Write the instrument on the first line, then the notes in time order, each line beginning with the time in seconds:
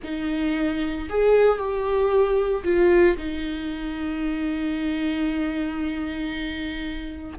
viola
0.03 D#4
1.09 G#4
1.58 G4
2.64 F4
3.17 D#4